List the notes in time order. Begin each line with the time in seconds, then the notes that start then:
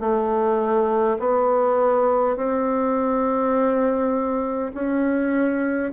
0.00 A3
1.19 B3
2.36 C4
4.74 C#4